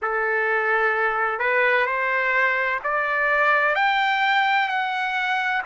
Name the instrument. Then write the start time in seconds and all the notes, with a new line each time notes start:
trumpet
0.02 A4
1.39 B4
1.85 C5
2.83 D5
3.75 G5
4.68 F#5